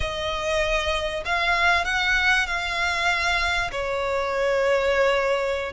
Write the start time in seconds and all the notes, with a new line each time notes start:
0.00 D#5
1.25 F5
1.84 F#5
2.47 F5
3.71 C#5